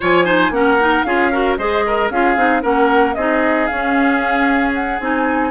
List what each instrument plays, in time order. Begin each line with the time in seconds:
0.00 bassoon F3, clarinet F4, oboe C#5, flute G#5
0.24 clarinet D#4, oboe C5
0.50 bassoon A#3, clarinet C#4, oboe A#4, flute F#5
0.79 clarinet D#4
1.03 bassoon C#4, clarinet F4, oboe G#4, flute F5
1.31 clarinet F#4, oboe A#4
1.57 bassoon G#3, clarinet G#4, oboe C5, flute D#5
1.86 oboe A#4
2.10 bassoon C#4, clarinet F4, oboe G#4, flute F5
2.36 bassoon C4, clarinet D#4
2.61 bassoon A#3, clarinet C#4, oboe A#4, flute F#5
3.14 bassoon C4, clarinet D#4, oboe G#4, flute D#5
3.66 bassoon C#4, clarinet C#4, flute F5
4.74 flute F#5
5.00 bassoon C4, clarinet D#4, flute G#5